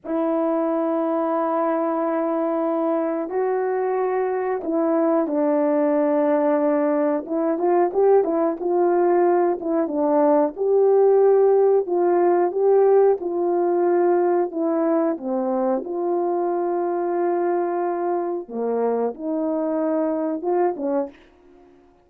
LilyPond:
\new Staff \with { instrumentName = "horn" } { \time 4/4 \tempo 4 = 91 e'1~ | e'4 fis'2 e'4 | d'2. e'8 f'8 | g'8 e'8 f'4. e'8 d'4 |
g'2 f'4 g'4 | f'2 e'4 c'4 | f'1 | ais4 dis'2 f'8 cis'8 | }